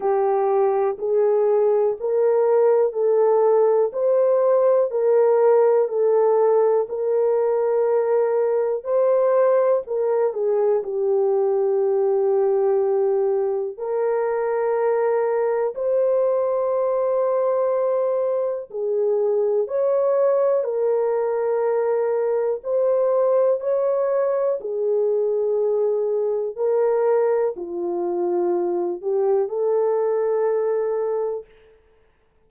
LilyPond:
\new Staff \with { instrumentName = "horn" } { \time 4/4 \tempo 4 = 61 g'4 gis'4 ais'4 a'4 | c''4 ais'4 a'4 ais'4~ | ais'4 c''4 ais'8 gis'8 g'4~ | g'2 ais'2 |
c''2. gis'4 | cis''4 ais'2 c''4 | cis''4 gis'2 ais'4 | f'4. g'8 a'2 | }